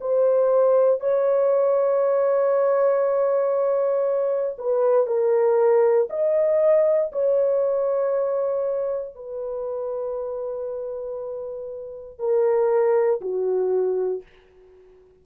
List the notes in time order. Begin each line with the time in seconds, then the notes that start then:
0.00 C5
1.00 C#5
4.58 B4
5.06 A#4
6.10 D#5
7.12 C#5
9.15 B4
12.18 A#4
13.21 F#4